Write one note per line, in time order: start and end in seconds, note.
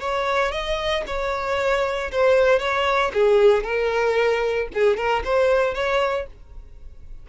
0.00 0.51 C#5
0.51 1.03 D#5
1.06 2.11 C#5
2.12 2.59 C5
2.59 3.11 C#5
3.13 3.64 G#4
3.64 4.68 A#4
4.74 4.96 G#4
4.96 5.22 A#4
5.24 5.74 C5
5.74 6.26 C#5